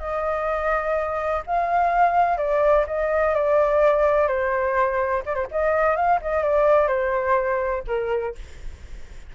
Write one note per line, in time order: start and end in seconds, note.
0.00 1.43 D#5
1.47 2.38 F5
2.38 2.85 D5
2.87 3.35 D#5
3.35 4.28 D5
4.28 5.23 C5
5.26 5.35 D5
5.35 5.47 C5
5.52 5.96 D#5
5.96 6.20 F5
6.22 6.44 D#5
6.44 6.88 D5
6.88 7.84 C5
7.88 8.35 A#4